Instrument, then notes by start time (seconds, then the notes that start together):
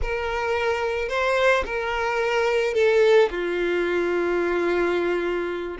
violin
0.02 A#4
1.08 C5
1.65 A#4
2.74 A4
3.30 F4